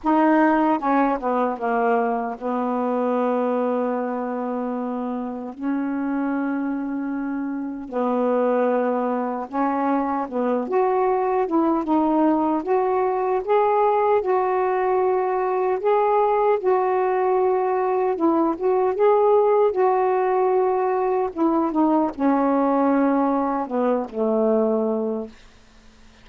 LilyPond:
\new Staff \with { instrumentName = "saxophone" } { \time 4/4 \tempo 4 = 76 dis'4 cis'8 b8 ais4 b4~ | b2. cis'4~ | cis'2 b2 | cis'4 b8 fis'4 e'8 dis'4 |
fis'4 gis'4 fis'2 | gis'4 fis'2 e'8 fis'8 | gis'4 fis'2 e'8 dis'8 | cis'2 b8 a4. | }